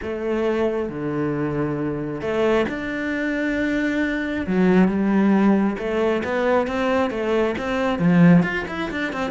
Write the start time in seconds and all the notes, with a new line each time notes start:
0.02 A3
0.89 D3
2.21 A3
2.68 D4
4.46 F#3
4.88 G3
5.78 A3
6.24 B3
6.67 C4
7.10 A3
7.57 C4
7.98 F3
8.43 F4
8.68 E4
8.90 D4
9.13 C4